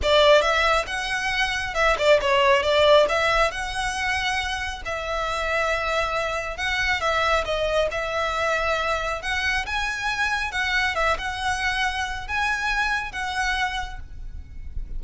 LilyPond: \new Staff \with { instrumentName = "violin" } { \time 4/4 \tempo 4 = 137 d''4 e''4 fis''2 | e''8 d''8 cis''4 d''4 e''4 | fis''2. e''4~ | e''2. fis''4 |
e''4 dis''4 e''2~ | e''4 fis''4 gis''2 | fis''4 e''8 fis''2~ fis''8 | gis''2 fis''2 | }